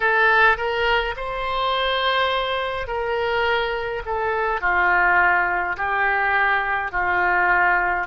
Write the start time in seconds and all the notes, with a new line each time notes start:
0.00 A4
0.57 A#4
1.16 C5
2.87 A#4
4.05 A4
4.60 F4
5.76 G4
6.91 F4